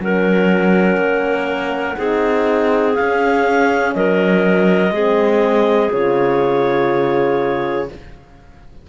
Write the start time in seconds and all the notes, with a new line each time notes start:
0.00 F#3 C#4 A#4 F#5
0.97 A#3
1.97 C4 D#4 G#4
2.95 C#4 F5
3.94 F#3 A#4 D#5
4.91 G#3 C4 G#4
5.92 C#3 F4 C#5